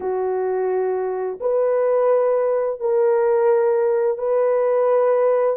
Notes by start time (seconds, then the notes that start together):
0.00 F#4
1.40 B4
2.80 A#4
4.17 B4